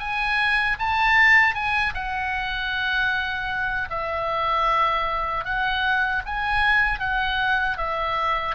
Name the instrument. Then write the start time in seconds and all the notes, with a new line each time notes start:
oboe
0.00 G#5
0.79 A5
1.55 G#5
1.94 F#5
3.90 E5
5.45 F#5
6.26 G#5
7.00 F#5
7.78 E5